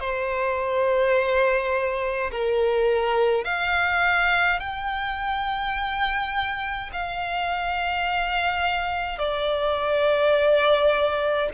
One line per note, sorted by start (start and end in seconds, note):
0.00 2.31 C5
2.31 3.45 A#4
3.45 4.60 F5
4.60 6.91 G5
6.93 9.18 F5
9.18 11.49 D5